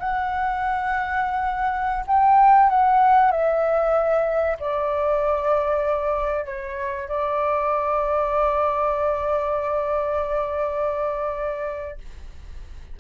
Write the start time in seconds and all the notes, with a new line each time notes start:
0.00 F#5
2.08 G5
2.70 F#5
3.32 E5
4.60 D5
6.46 C#5
7.09 D5